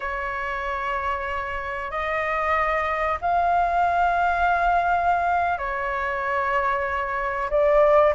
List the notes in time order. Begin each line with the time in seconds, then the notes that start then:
0.00 C#5
1.90 D#5
3.21 F5
5.58 C#5
7.50 D5